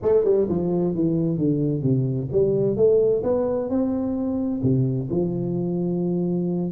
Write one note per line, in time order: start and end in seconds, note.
0.02 0.24 A3
0.24 0.47 G3
0.48 0.94 F3
0.94 1.37 E3
1.37 1.82 D3
1.82 2.28 C3
2.32 2.76 G3
2.76 3.22 A3
3.23 3.69 B3
3.69 4.61 C4
4.62 5.09 C3
5.10 6.71 F3